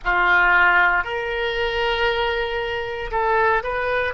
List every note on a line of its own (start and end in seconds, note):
0.04 1.03 F4
1.03 3.10 A#4
3.11 3.63 A4
3.63 4.14 B4